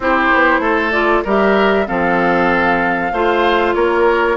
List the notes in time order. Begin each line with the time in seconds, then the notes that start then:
0.00 C4 E4 G4 C5
0.34 B3
0.59 A3 A4
0.91 F4 D5
1.24 G3 G4 A#4 E5
1.86 F3 C4 A4 F5
3.12 A3 F4 C5
3.74 A#3 A#4 C#5